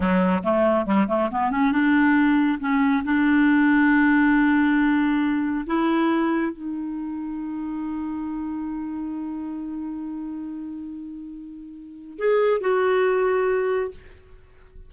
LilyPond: \new Staff \with { instrumentName = "clarinet" } { \time 4/4 \tempo 4 = 138 fis4 a4 g8 a8 b8 cis'8 | d'2 cis'4 d'4~ | d'1~ | d'4 e'2 dis'4~ |
dis'1~ | dis'1~ | dis'1 | gis'4 fis'2. | }